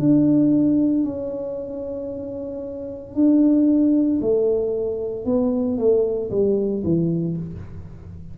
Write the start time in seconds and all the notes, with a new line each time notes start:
0.00 D4
1.05 C#4
3.15 D4
4.22 A3
5.26 B3
5.78 A3
6.31 G3
6.84 E3